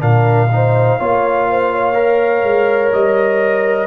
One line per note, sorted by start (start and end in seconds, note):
0.00 0.99 A#2
0.00 0.48 D4
0.00 0.50 A#4
0.00 2.93 F5
0.51 1.00 D#4
0.51 1.00 C5
1.00 2.43 A#3
1.00 1.95 F4
1.00 1.48 C#5
1.51 1.73 C5
1.73 3.87 C#5
1.95 3.87 A#4
2.43 2.91 G#3
2.92 3.87 G3
2.92 3.87 D#5